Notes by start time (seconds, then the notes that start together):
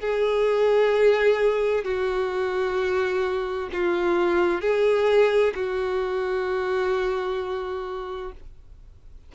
0.00 G#4
1.84 F#4
3.72 F4
4.61 G#4
5.55 F#4